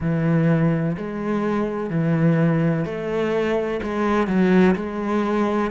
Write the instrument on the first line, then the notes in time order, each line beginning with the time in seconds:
cello
0.00 E3
0.97 G#3
1.90 E3
2.85 A3
3.83 G#3
4.27 F#3
4.75 G#3